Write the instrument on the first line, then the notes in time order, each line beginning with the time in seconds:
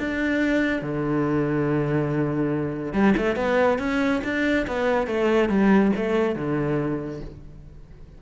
cello
0.00 D4
0.82 D3
2.93 G3
3.18 A3
3.36 B3
3.79 C#4
4.24 D4
4.68 B3
5.08 A3
5.50 G3
5.97 A3
6.36 D3